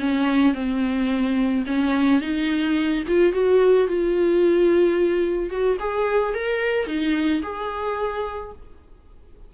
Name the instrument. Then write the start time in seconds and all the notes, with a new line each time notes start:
viola
0.00 C#4
0.55 C4
1.67 C#4
2.21 D#4
3.08 F4
3.33 F#4
3.88 F4
5.50 F#4
5.80 G#4
6.35 A#4
6.87 D#4
7.43 G#4